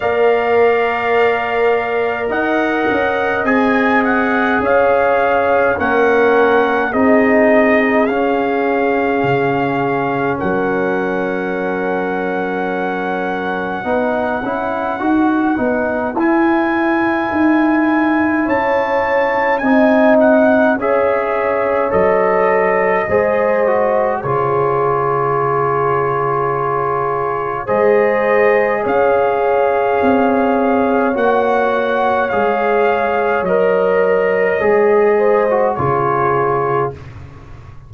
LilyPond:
<<
  \new Staff \with { instrumentName = "trumpet" } { \time 4/4 \tempo 4 = 52 f''2 fis''4 gis''8 fis''8 | f''4 fis''4 dis''4 f''4~ | f''4 fis''2.~ | fis''2 gis''2 |
a''4 gis''8 fis''8 e''4 dis''4~ | dis''4 cis''2. | dis''4 f''2 fis''4 | f''4 dis''2 cis''4 | }
  \new Staff \with { instrumentName = "horn" } { \time 4/4 d''2 dis''2 | cis''4 ais'4 gis'2~ | gis'4 ais'2. | b'1 |
cis''4 dis''4 cis''2 | c''4 gis'2. | c''4 cis''2.~ | cis''2~ cis''8 c''8 gis'4 | }
  \new Staff \with { instrumentName = "trombone" } { \time 4/4 ais'2. gis'4~ | gis'4 cis'4 dis'4 cis'4~ | cis'1 | dis'8 e'8 fis'8 dis'8 e'2~ |
e'4 dis'4 gis'4 a'4 | gis'8 fis'8 f'2. | gis'2. fis'4 | gis'4 ais'4 gis'8. fis'16 f'4 | }
  \new Staff \with { instrumentName = "tuba" } { \time 4/4 ais2 dis'8 cis'8 c'4 | cis'4 ais4 c'4 cis'4 | cis4 fis2. | b8 cis'8 dis'8 b8 e'4 dis'4 |
cis'4 c'4 cis'4 fis4 | gis4 cis2. | gis4 cis'4 c'4 ais4 | gis4 fis4 gis4 cis4 | }
>>